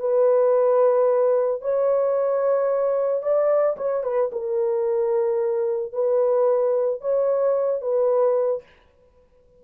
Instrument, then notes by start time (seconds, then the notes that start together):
horn
0.00 B4
1.62 C#5
3.23 D5
3.77 C#5
4.04 B4
4.33 A#4
5.93 B4
7.01 C#5
7.82 B4